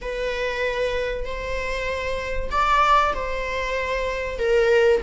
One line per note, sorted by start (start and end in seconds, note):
0.01 1.25 B4
1.25 2.50 C5
2.51 3.13 D5
3.14 4.38 C5
4.38 5.01 A#4